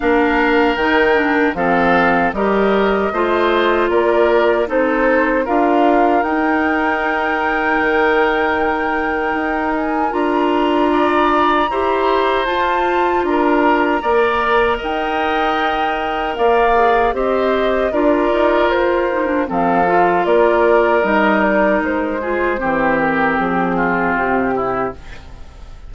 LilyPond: <<
  \new Staff \with { instrumentName = "flute" } { \time 4/4 \tempo 4 = 77 f''4 g''4 f''4 dis''4~ | dis''4 d''4 c''4 f''4 | g''1~ | g''8 gis''8 ais''2. |
a''4 ais''2 g''4~ | g''4 f''4 dis''4 d''4 | c''4 f''4 d''4 dis''8 d''8 | c''4. ais'8 gis'4 g'4 | }
  \new Staff \with { instrumentName = "oboe" } { \time 4/4 ais'2 a'4 ais'4 | c''4 ais'4 a'4 ais'4~ | ais'1~ | ais'2 d''4 c''4~ |
c''4 ais'4 d''4 dis''4~ | dis''4 d''4 c''4 ais'4~ | ais'4 a'4 ais'2~ | ais'8 gis'8 g'4. f'4 e'8 | }
  \new Staff \with { instrumentName = "clarinet" } { \time 4/4 d'4 dis'8 d'8 c'4 g'4 | f'2 dis'4 f'4 | dis'1~ | dis'4 f'2 g'4 |
f'2 ais'2~ | ais'4. gis'8 g'4 f'4~ | f'8 dis'16 d'16 c'8 f'4. dis'4~ | dis'8 f'8 c'2. | }
  \new Staff \with { instrumentName = "bassoon" } { \time 4/4 ais4 dis4 f4 g4 | a4 ais4 c'4 d'4 | dis'2 dis2 | dis'4 d'2 e'4 |
f'4 d'4 ais4 dis'4~ | dis'4 ais4 c'4 d'8 dis'8 | f'4 f4 ais4 g4 | gis4 e4 f4 c4 | }
>>